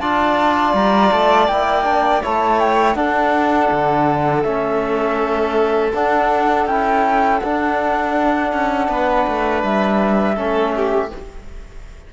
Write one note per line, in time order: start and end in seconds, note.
0.00 0.74 D4
0.00 1.49 F4
0.00 2.23 D5
0.00 0.74 A5
0.74 1.11 G3
0.74 1.12 A#5
1.12 1.48 A3
1.12 1.48 A5
1.48 2.23 A#3
1.48 1.84 E4
1.48 2.22 G5
1.84 2.21 D4
2.22 2.96 A3
2.22 2.96 E4
2.22 2.97 C#5
2.22 2.60 A5
2.60 2.95 G5
2.95 4.44 D4
2.95 3.70 D4
2.95 8.90 A4
2.95 4.43 F#5
3.72 4.45 D3
4.43 5.93 A3
4.43 5.92 C#4
4.43 5.91 E5
5.94 6.67 D4
5.94 6.69 D4
5.94 6.67 F#5
6.67 7.41 C#4
6.67 7.43 E4
6.67 7.40 G5
7.40 8.53 D4
7.40 10.36 D4
7.40 9.62 F#5
8.53 8.89 C#4
8.89 9.26 B3
8.89 10.35 B4
9.28 9.64 A3
9.64 10.37 G3
9.64 11.12 E5
10.35 11.12 A3
10.35 11.10 C#4
10.35 10.73 A4
10.76 11.13 G4